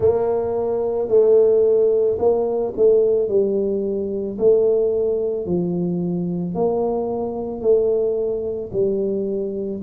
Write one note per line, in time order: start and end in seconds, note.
0.00 1.08 A#3
1.08 2.17 A3
2.18 2.73 A#3
2.76 3.28 A3
3.28 4.37 G3
4.38 5.45 A3
5.45 6.54 F3
6.54 7.61 A#3
7.61 8.70 A3
8.72 9.81 G3